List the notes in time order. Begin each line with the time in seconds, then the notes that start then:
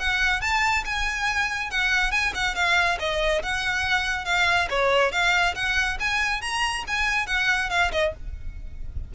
0.00 F#5
0.42 A5
0.86 G#5
1.71 F#5
2.12 G#5
2.35 F#5
2.56 F5
3.00 D#5
3.43 F#5
4.26 F5
4.70 C#5
5.12 F5
5.56 F#5
6.00 G#5
6.42 A#5
6.88 G#5
7.27 F#5
7.70 F5
7.92 D#5